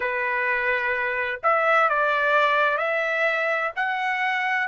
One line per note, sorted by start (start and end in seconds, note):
0.00 1.40 B4
1.43 1.89 E5
1.89 2.77 D5
2.77 3.71 E5
3.75 4.67 F#5